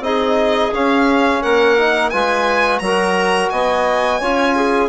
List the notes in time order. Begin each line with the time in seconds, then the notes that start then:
0.00 C4 D#4 G#4 D#5
0.73 C#4 F5
1.41 A#3 A#4 F#5
1.78 D#4
2.10 G#3 F4 B4 G#5
2.79 F#3 F#4 A#4 A#5
3.50 B3 D#5 G#5
4.20 C#4 F4 C#5
4.56 G#4